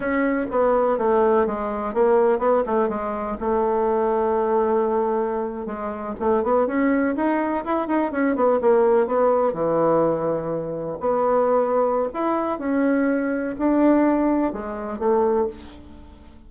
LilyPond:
\new Staff \with { instrumentName = "bassoon" } { \time 4/4 \tempo 4 = 124 cis'4 b4 a4 gis4 | ais4 b8 a8 gis4 a4~ | a2.~ a8. gis16~ | gis8. a8 b8 cis'4 dis'4 e'16~ |
e'16 dis'8 cis'8 b8 ais4 b4 e16~ | e2~ e8. b4~ b16~ | b4 e'4 cis'2 | d'2 gis4 a4 | }